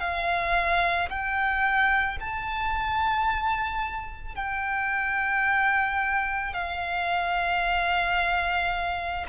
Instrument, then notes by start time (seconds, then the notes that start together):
violin
0.00 F5
1.09 G5
2.20 A5
4.35 G5
6.54 F5